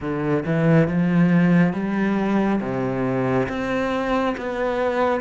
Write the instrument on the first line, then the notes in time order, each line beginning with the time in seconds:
cello
0.00 D3
0.45 E3
0.88 F3
1.73 G3
2.60 C3
3.48 C4
4.37 B3